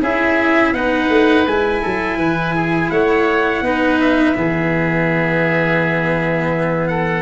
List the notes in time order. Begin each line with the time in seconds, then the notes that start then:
0.00 C#4 E4 G#4 E5
0.72 B3 D#4 B4 F#5
1.08 A3
1.46 G#3 E4 G#5
1.81 F#3 A4
2.16 E3 B4
2.55 G#4
2.90 A3 C#5 F#5
3.61 B3 D#4 B4
4.00 E5
4.35 E3 B3 G#4
6.87 A4 F#5